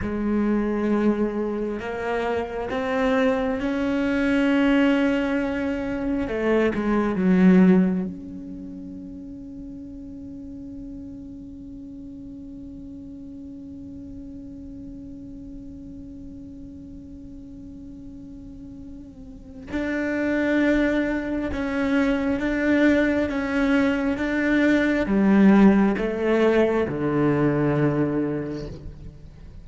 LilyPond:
\new Staff \with { instrumentName = "cello" } { \time 4/4 \tempo 4 = 67 gis2 ais4 c'4 | cis'2. a8 gis8 | fis4 cis'2.~ | cis'1~ |
cis'1~ | cis'2 d'2 | cis'4 d'4 cis'4 d'4 | g4 a4 d2 | }